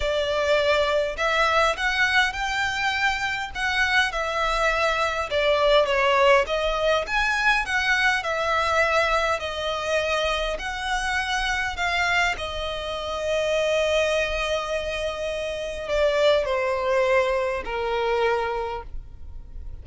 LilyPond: \new Staff \with { instrumentName = "violin" } { \time 4/4 \tempo 4 = 102 d''2 e''4 fis''4 | g''2 fis''4 e''4~ | e''4 d''4 cis''4 dis''4 | gis''4 fis''4 e''2 |
dis''2 fis''2 | f''4 dis''2.~ | dis''2. d''4 | c''2 ais'2 | }